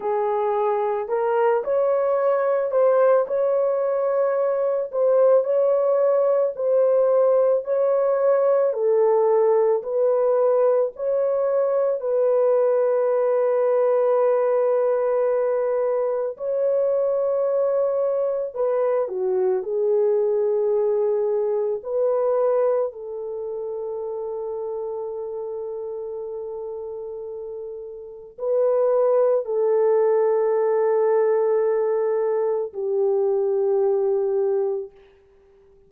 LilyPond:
\new Staff \with { instrumentName = "horn" } { \time 4/4 \tempo 4 = 55 gis'4 ais'8 cis''4 c''8 cis''4~ | cis''8 c''8 cis''4 c''4 cis''4 | a'4 b'4 cis''4 b'4~ | b'2. cis''4~ |
cis''4 b'8 fis'8 gis'2 | b'4 a'2.~ | a'2 b'4 a'4~ | a'2 g'2 | }